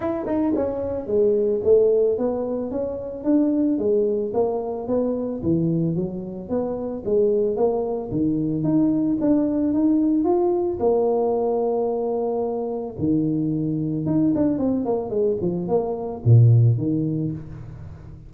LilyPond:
\new Staff \with { instrumentName = "tuba" } { \time 4/4 \tempo 4 = 111 e'8 dis'8 cis'4 gis4 a4 | b4 cis'4 d'4 gis4 | ais4 b4 e4 fis4 | b4 gis4 ais4 dis4 |
dis'4 d'4 dis'4 f'4 | ais1 | dis2 dis'8 d'8 c'8 ais8 | gis8 f8 ais4 ais,4 dis4 | }